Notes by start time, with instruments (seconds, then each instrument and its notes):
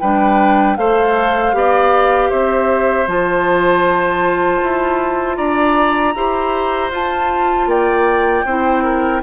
0.00 bassoon G3, clarinet D4, oboe B4, flute G5
0.77 bassoon A3, clarinet A4, oboe C5, flute F5
1.53 bassoon B3, clarinet G4, oboe D5
2.30 bassoon C4, oboe C5, flute E5
3.08 bassoon F3, clarinet F4, flute A5
4.62 bassoon E4
5.37 bassoon D4, oboe D5, flute A#5
6.15 bassoon E4, clarinet G4, oboe C5
6.91 bassoon F4, clarinet F4, flute A5
7.67 bassoon A#3, oboe D5, flute G5
8.46 bassoon C4, clarinet E4, oboe C5
8.84 oboe A#4